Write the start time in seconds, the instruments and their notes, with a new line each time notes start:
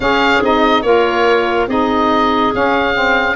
0.00 tuba C#4, saxophone C#4, clarinet G#4, oboe F5
0.42 tuba C4, saxophone D#4, oboe D#5
0.82 tuba A#3, saxophone F4, clarinet A#4, oboe C#5
1.67 tuba C4, saxophone D#4, clarinet G#4, oboe D#5
2.52 saxophone C#4, tuba C#4, oboe F5
2.93 saxophone C4